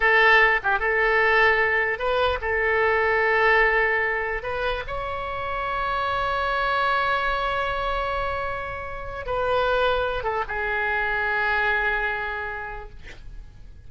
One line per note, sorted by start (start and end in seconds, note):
0.00 0.60 A4
0.63 0.79 G4
0.79 1.98 A4
1.98 2.39 B4
2.41 4.42 A4
4.43 4.83 B4
4.87 9.25 C#5
9.25 10.23 B4
10.23 10.43 A4
10.48 12.89 G#4